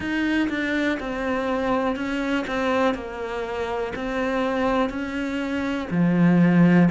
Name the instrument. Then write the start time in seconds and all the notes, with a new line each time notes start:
cello
0.00 D#4
0.49 D4
0.99 C4
1.96 C#4
2.47 C4
2.94 A#3
3.95 C4
4.89 C#4
5.90 F3